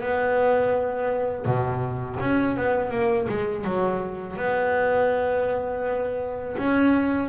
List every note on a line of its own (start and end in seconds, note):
0.00 1.45 B3
1.45 2.18 B2
2.20 2.56 C#4
2.56 2.90 B3
2.90 3.27 A#3
3.28 3.64 G#3
3.64 4.36 F#3
4.36 6.56 B3
6.57 7.29 C#4